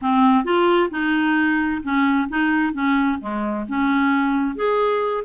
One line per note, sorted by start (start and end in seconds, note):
0.01 0.44 C4
0.44 0.89 F4
0.90 1.81 D#4
1.82 2.28 C#4
2.29 2.73 D#4
2.73 3.18 C#4
3.20 3.65 G#3
3.68 4.55 C#4
4.55 5.24 G#4